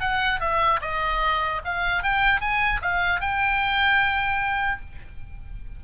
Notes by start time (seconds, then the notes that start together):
0.00 F#5
0.40 E5
0.81 D#5
1.64 F5
2.03 G5
2.40 G#5
2.82 F5
3.20 G5